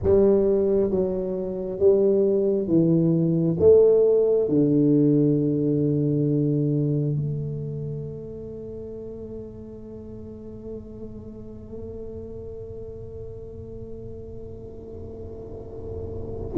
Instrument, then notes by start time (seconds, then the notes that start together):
tuba
0.02 G3
0.90 F#3
1.79 G3
2.67 E3
3.59 A3
4.48 D3
7.16 A3